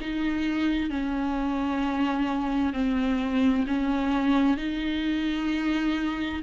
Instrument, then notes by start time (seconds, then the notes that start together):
viola
0.00 D#4
0.90 C#4
2.73 C4
3.67 C#4
4.57 D#4